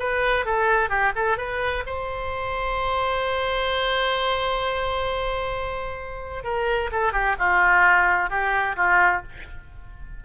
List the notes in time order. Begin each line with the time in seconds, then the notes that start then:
0.00 B4
0.46 A4
0.90 G4
1.16 A4
1.38 B4
1.87 C5
6.44 A#4
6.92 A4
7.13 G4
7.39 F4
8.30 G4
8.77 F4